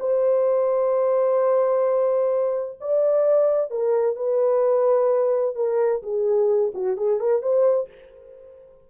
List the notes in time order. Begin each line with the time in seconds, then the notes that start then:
0.00 C5
2.81 D5
3.71 A#4
4.16 B4
5.56 A#4
6.03 G#4
6.74 F#4
6.97 G#4
7.20 A#4
7.42 C5